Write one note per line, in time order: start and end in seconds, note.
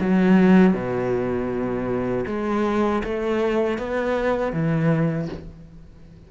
0.00 0.73 F#3
0.73 2.25 B2
2.26 3.02 G#3
3.03 3.78 A3
3.78 4.53 B3
4.53 5.29 E3